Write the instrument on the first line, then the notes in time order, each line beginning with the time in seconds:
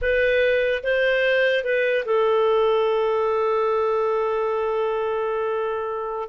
clarinet
0.01 B4
0.83 C5
1.63 B4
2.05 A4